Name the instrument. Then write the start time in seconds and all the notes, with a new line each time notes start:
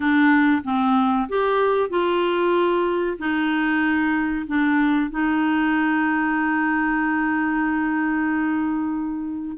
clarinet
0.00 D4
0.64 C4
1.28 G4
1.89 F4
3.18 D#4
4.47 D4
5.10 D#4